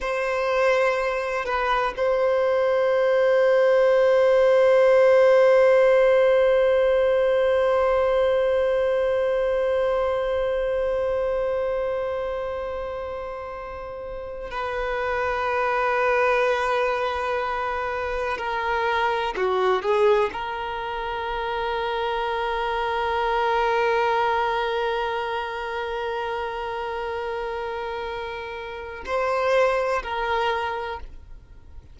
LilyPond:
\new Staff \with { instrumentName = "violin" } { \time 4/4 \tempo 4 = 62 c''4. b'8 c''2~ | c''1~ | c''1~ | c''2. b'4~ |
b'2. ais'4 | fis'8 gis'8 ais'2.~ | ais'1~ | ais'2 c''4 ais'4 | }